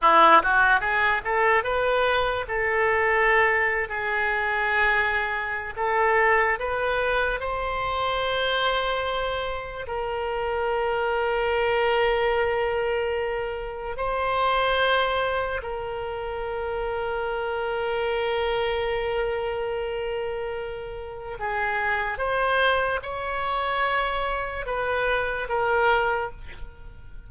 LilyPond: \new Staff \with { instrumentName = "oboe" } { \time 4/4 \tempo 4 = 73 e'8 fis'8 gis'8 a'8 b'4 a'4~ | a'8. gis'2~ gis'16 a'4 | b'4 c''2. | ais'1~ |
ais'4 c''2 ais'4~ | ais'1~ | ais'2 gis'4 c''4 | cis''2 b'4 ais'4 | }